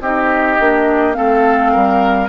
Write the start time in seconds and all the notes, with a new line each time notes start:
0.00 C4 D#4 G4 D#5
0.59 A#3 D4
1.13 A3 C4 A4 F5
1.72 G3 A#4